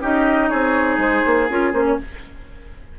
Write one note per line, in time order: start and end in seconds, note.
0.00 0.49 C#4
0.00 1.48 D#4
0.00 0.49 G4
0.00 0.49 D#5
0.49 0.97 C4
0.49 1.97 G#4
0.49 0.98 C#5
0.97 1.22 G#3
0.97 1.49 C5
1.25 1.49 A#3
1.49 1.72 C#4
1.49 1.73 F4
1.49 1.72 A#4
1.72 1.97 A#3
1.72 1.99 C#4
1.72 1.84 C5
1.85 1.97 C#5